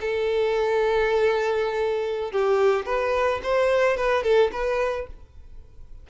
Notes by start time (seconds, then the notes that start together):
0.00 A4
2.31 G4
2.85 B4
3.43 C5
3.97 B4
4.23 A4
4.51 B4